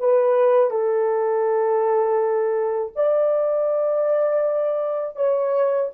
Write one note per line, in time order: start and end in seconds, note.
0.00 0.71 B4
0.71 2.93 A4
2.96 5.16 D5
5.16 5.91 C#5